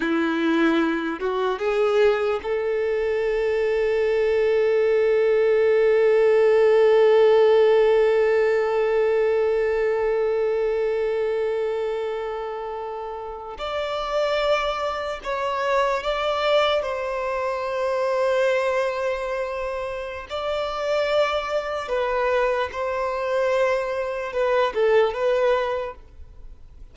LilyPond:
\new Staff \with { instrumentName = "violin" } { \time 4/4 \tempo 4 = 74 e'4. fis'8 gis'4 a'4~ | a'1~ | a'1~ | a'1~ |
a'8. d''2 cis''4 d''16~ | d''8. c''2.~ c''16~ | c''4 d''2 b'4 | c''2 b'8 a'8 b'4 | }